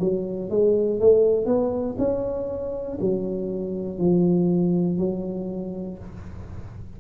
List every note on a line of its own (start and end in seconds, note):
0.00 0.50 F#3
0.50 1.00 G#3
1.00 1.46 A3
1.46 1.96 B3
1.99 2.99 C#4
3.01 3.99 F#3
3.99 4.99 F3
4.99 5.99 F#3